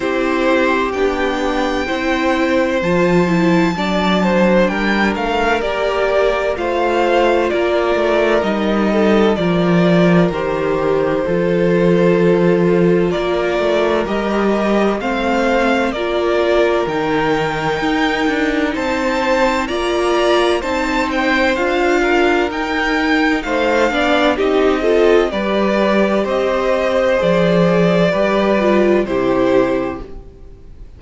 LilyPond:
<<
  \new Staff \with { instrumentName = "violin" } { \time 4/4 \tempo 4 = 64 c''4 g''2 a''4~ | a''4 g''8 f''8 d''4 f''4 | d''4 dis''4 d''4 c''4~ | c''2 d''4 dis''4 |
f''4 d''4 g''2 | a''4 ais''4 a''8 g''8 f''4 | g''4 f''4 dis''4 d''4 | dis''4 d''2 c''4 | }
  \new Staff \with { instrumentName = "violin" } { \time 4/4 g'2 c''2 | d''8 c''8 ais'2 c''4 | ais'4. a'8 ais'2 | a'2 ais'2 |
c''4 ais'2. | c''4 d''4 c''4. ais'8~ | ais'4 c''8 d''8 g'8 a'8 b'4 | c''2 b'4 g'4 | }
  \new Staff \with { instrumentName = "viola" } { \time 4/4 e'4 d'4 e'4 f'8 e'8 | d'2 g'4 f'4~ | f'4 dis'4 f'4 g'4 | f'2. g'4 |
c'4 f'4 dis'2~ | dis'4 f'4 dis'4 f'4 | dis'4. d'8 dis'8 f'8 g'4~ | g'4 gis'4 g'8 f'8 e'4 | }
  \new Staff \with { instrumentName = "cello" } { \time 4/4 c'4 b4 c'4 f4 | fis4 g8 a8 ais4 a4 | ais8 a8 g4 f4 dis4 | f2 ais8 a8 g4 |
a4 ais4 dis4 dis'8 d'8 | c'4 ais4 c'4 d'4 | dis'4 a8 b8 c'4 g4 | c'4 f4 g4 c4 | }
>>